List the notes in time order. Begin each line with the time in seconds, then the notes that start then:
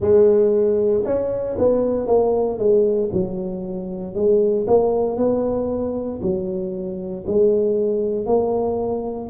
0.00 G#3
1.05 C#4
1.58 B3
2.06 A#3
2.58 G#3
3.12 F#3
4.14 G#3
4.67 A#3
5.16 B3
6.22 F#3
7.26 G#3
8.26 A#3